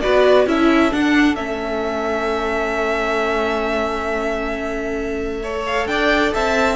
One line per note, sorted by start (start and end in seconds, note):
0.00 0.46 B3
0.00 0.47 F#4
0.00 0.48 B4
0.00 0.45 D5
0.46 0.91 C#4
0.46 0.91 E4
0.46 5.42 A4
0.46 0.93 E5
0.91 1.36 D4
0.91 1.35 D4
0.91 1.35 F#5
1.35 5.86 A3
1.35 5.43 C#4
1.35 5.64 E5
5.42 6.75 A4
5.42 5.87 C#5
5.66 5.86 F5
5.86 6.31 D4
5.86 6.34 D5
5.86 6.32 G5
6.34 6.75 C4
6.34 6.75 E5
6.34 6.75 A5